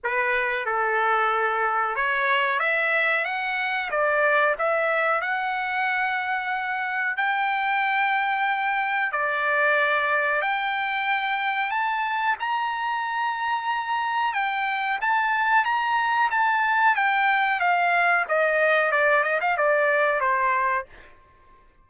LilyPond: \new Staff \with { instrumentName = "trumpet" } { \time 4/4 \tempo 4 = 92 b'4 a'2 cis''4 | e''4 fis''4 d''4 e''4 | fis''2. g''4~ | g''2 d''2 |
g''2 a''4 ais''4~ | ais''2 g''4 a''4 | ais''4 a''4 g''4 f''4 | dis''4 d''8 dis''16 f''16 d''4 c''4 | }